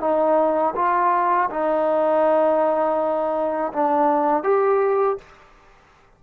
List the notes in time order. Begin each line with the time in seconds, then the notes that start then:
0.00 D#4
0.75 F4
1.50 D#4
3.73 D4
4.43 G4